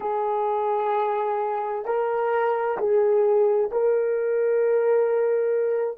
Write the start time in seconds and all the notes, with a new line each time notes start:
0.00 G#4
1.85 A#4
2.77 G#4
3.71 A#4